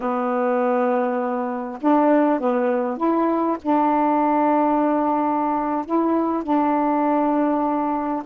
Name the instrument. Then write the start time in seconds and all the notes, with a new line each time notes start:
saxophone
0.00 B3
1.81 D4
2.40 B3
2.97 E4
3.62 D4
5.85 E4
6.43 D4